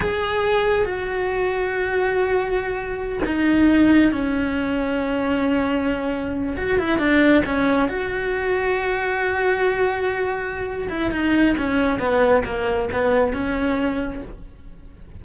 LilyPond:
\new Staff \with { instrumentName = "cello" } { \time 4/4 \tempo 4 = 135 gis'2 fis'2~ | fis'2.~ fis'16 dis'8.~ | dis'4~ dis'16 cis'2~ cis'8.~ | cis'2~ cis'8. fis'8 e'8 d'16~ |
d'8. cis'4 fis'2~ fis'16~ | fis'1~ | fis'8 e'8 dis'4 cis'4 b4 | ais4 b4 cis'2 | }